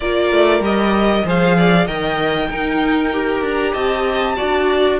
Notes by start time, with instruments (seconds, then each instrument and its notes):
0.00 cello A#3, viola F4, violin A#4 D5
0.32 cello A3
0.60 cello G3, viola G4, violin D#5
1.24 cello F3, viola G#4, violin C5 F5
1.57 violin D5
1.86 cello D#3, viola A#4, violin D#5 G5
2.50 cello D#4, viola D#4, violin A#4
3.12 viola G4
3.41 cello D4, violin A#5
3.73 cello C4, violin D#5 A5
4.36 cello D4, viola F#4, violin D5